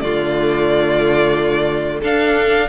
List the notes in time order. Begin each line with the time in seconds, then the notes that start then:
0.00 D3 A3 F4 D5
2.00 D4 A4 F5